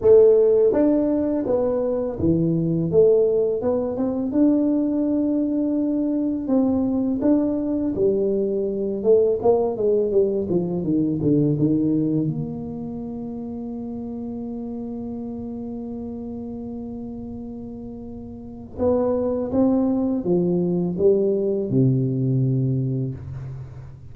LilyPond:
\new Staff \with { instrumentName = "tuba" } { \time 4/4 \tempo 4 = 83 a4 d'4 b4 e4 | a4 b8 c'8 d'2~ | d'4 c'4 d'4 g4~ | g8 a8 ais8 gis8 g8 f8 dis8 d8 |
dis4 ais2.~ | ais1~ | ais2 b4 c'4 | f4 g4 c2 | }